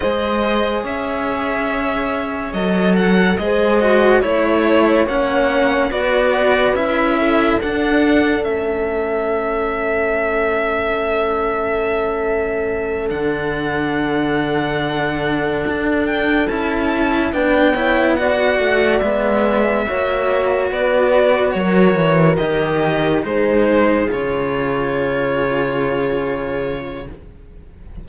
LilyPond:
<<
  \new Staff \with { instrumentName = "violin" } { \time 4/4 \tempo 4 = 71 dis''4 e''2 dis''8 fis''8 | dis''4 cis''4 fis''4 d''4 | e''4 fis''4 e''2~ | e''2.~ e''8 fis''8~ |
fis''2. g''8 a''8~ | a''8 g''4 fis''4 e''4.~ | e''8 d''4 cis''4 dis''4 c''8~ | c''8 cis''2.~ cis''8 | }
  \new Staff \with { instrumentName = "horn" } { \time 4/4 c''4 cis''2. | c''4 cis''2 b'4~ | b'8 a'2.~ a'8~ | a'1~ |
a'1~ | a'8 b'8 cis''8 d''2 cis''8~ | cis''8 b'4 ais'2 gis'8~ | gis'1 | }
  \new Staff \with { instrumentName = "cello" } { \time 4/4 gis'2. a'4 | gis'8 fis'8 e'4 cis'4 fis'4 | e'4 d'4 cis'2~ | cis'2.~ cis'8 d'8~ |
d'2.~ d'8 e'8~ | e'8 d'8 e'8 fis'4 b4 fis'8~ | fis'2~ fis'8 g'4 dis'8~ | dis'8 f'2.~ f'8 | }
  \new Staff \with { instrumentName = "cello" } { \time 4/4 gis4 cis'2 fis4 | gis4 a4 ais4 b4 | cis'4 d'4 a2~ | a2.~ a8 d8~ |
d2~ d8 d'4 cis'8~ | cis'8 b4. a8 gis4 ais8~ | ais8 b4 fis8 e8 dis4 gis8~ | gis8 cis2.~ cis8 | }
>>